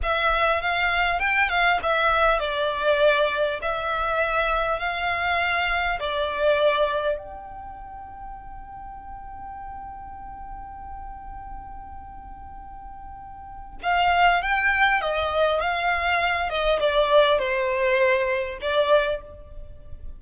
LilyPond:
\new Staff \with { instrumentName = "violin" } { \time 4/4 \tempo 4 = 100 e''4 f''4 g''8 f''8 e''4 | d''2 e''2 | f''2 d''2 | g''1~ |
g''1~ | g''2. f''4 | g''4 dis''4 f''4. dis''8 | d''4 c''2 d''4 | }